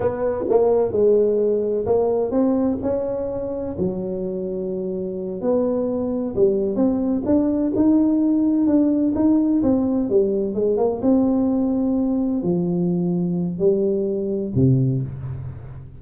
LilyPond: \new Staff \with { instrumentName = "tuba" } { \time 4/4 \tempo 4 = 128 b4 ais4 gis2 | ais4 c'4 cis'2 | fis2.~ fis8 b8~ | b4. g4 c'4 d'8~ |
d'8 dis'2 d'4 dis'8~ | dis'8 c'4 g4 gis8 ais8 c'8~ | c'2~ c'8 f4.~ | f4 g2 c4 | }